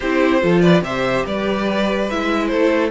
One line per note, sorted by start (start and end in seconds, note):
0.00 0.43 C4
0.00 0.41 E4
0.00 0.41 G4
0.00 0.60 C5
0.41 0.81 F3
0.41 0.82 F4
0.41 0.62 A4
0.60 0.83 B4
0.60 0.81 D5
0.81 1.23 C3
0.81 2.07 G4
0.81 1.25 C5
0.81 1.25 E5
1.25 2.09 G3
1.25 2.50 B4
1.25 2.10 D5
2.10 2.52 G#3
2.10 2.91 E4
2.10 2.47 E5
2.47 2.91 A3
2.47 2.91 A4
2.47 2.88 C5